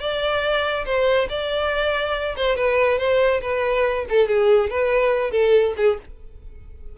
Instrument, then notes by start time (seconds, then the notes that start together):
violin
0.00 D5
0.86 C5
1.29 D5
2.37 C5
2.56 B4
2.98 C5
3.42 B4
4.09 A4
4.28 G#4
4.70 B4
5.32 A4
5.77 G#4